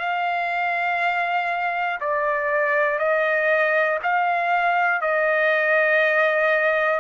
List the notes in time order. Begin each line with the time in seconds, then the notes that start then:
0.00 F5
2.01 D5
3.00 D#5
4.03 F5
5.01 D#5